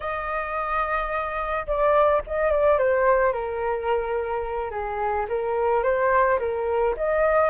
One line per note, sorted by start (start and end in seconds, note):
0.00 1.66 D#5
1.66 2.22 D5
2.26 2.50 D#5
2.50 2.78 D5
2.78 3.32 C5
3.32 4.70 A#4
4.70 5.26 G#4
5.28 5.83 A#4
5.83 6.38 C5
6.39 6.94 A#4
6.96 7.49 D#5